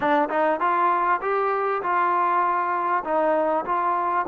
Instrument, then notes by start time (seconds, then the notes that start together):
trombone
0.00 D4
0.29 D#4
0.60 F4
1.21 G4
1.82 F4
3.04 D#4
3.65 F4